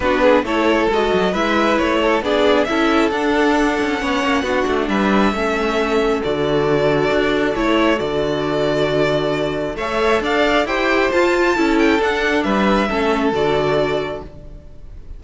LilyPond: <<
  \new Staff \with { instrumentName = "violin" } { \time 4/4 \tempo 4 = 135 b'4 cis''4 dis''4 e''4 | cis''4 d''4 e''4 fis''4~ | fis''2. e''4~ | e''2 d''2~ |
d''4 cis''4 d''2~ | d''2 e''4 f''4 | g''4 a''4. g''8 fis''4 | e''2 d''2 | }
  \new Staff \with { instrumentName = "violin" } { \time 4/4 fis'8 gis'8 a'2 b'4~ | b'8 a'8 gis'4 a'2~ | a'4 cis''4 fis'4 b'4 | a'1~ |
a'1~ | a'2 cis''4 d''4 | c''2 a'2 | b'4 a'2. | }
  \new Staff \with { instrumentName = "viola" } { \time 4/4 d'4 e'4 fis'4 e'4~ | e'4 d'4 e'4 d'4~ | d'4 cis'4 d'2 | cis'2 fis'2~ |
fis'4 e'4 fis'2~ | fis'2 a'2 | g'4 f'4 e'4 d'4~ | d'4 cis'4 fis'2 | }
  \new Staff \with { instrumentName = "cello" } { \time 4/4 b4 a4 gis8 fis8 gis4 | a4 b4 cis'4 d'4~ | d'8 cis'8 b8 ais8 b8 a8 g4 | a2 d2 |
d'4 a4 d2~ | d2 a4 d'4 | e'4 f'4 cis'4 d'4 | g4 a4 d2 | }
>>